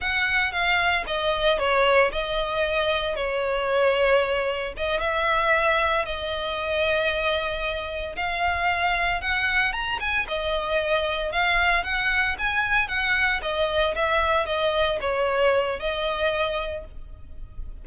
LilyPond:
\new Staff \with { instrumentName = "violin" } { \time 4/4 \tempo 4 = 114 fis''4 f''4 dis''4 cis''4 | dis''2 cis''2~ | cis''4 dis''8 e''2 dis''8~ | dis''2.~ dis''8 f''8~ |
f''4. fis''4 ais''8 gis''8 dis''8~ | dis''4. f''4 fis''4 gis''8~ | gis''8 fis''4 dis''4 e''4 dis''8~ | dis''8 cis''4. dis''2 | }